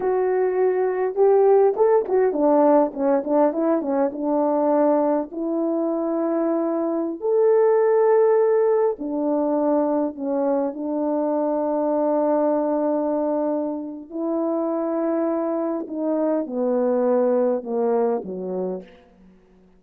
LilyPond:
\new Staff \with { instrumentName = "horn" } { \time 4/4 \tempo 4 = 102 fis'2 g'4 a'8 fis'8 | d'4 cis'8 d'8 e'8 cis'8 d'4~ | d'4 e'2.~ | e'16 a'2. d'8.~ |
d'4~ d'16 cis'4 d'4.~ d'16~ | d'1 | e'2. dis'4 | b2 ais4 fis4 | }